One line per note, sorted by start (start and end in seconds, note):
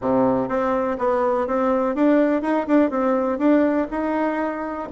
0.01 0.48 C3
0.48 0.97 C4
0.98 1.47 B3
1.47 1.95 C4
1.95 2.42 D4
2.42 2.66 D#4
2.67 2.90 D4
2.90 3.38 C4
3.38 3.87 D4
3.90 4.88 D#4